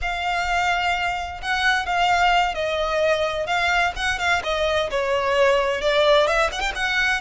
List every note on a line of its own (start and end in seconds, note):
0.01 1.41 F5
1.41 1.86 F#5
1.86 2.54 F5
2.54 3.46 D#5
3.46 3.92 F5
3.95 4.19 F#5
4.19 4.42 F5
4.43 4.90 D#5
4.90 5.81 C#5
5.81 6.27 D5
6.27 6.50 E5
6.51 6.60 F#5
6.60 6.72 G5
6.75 7.21 F#5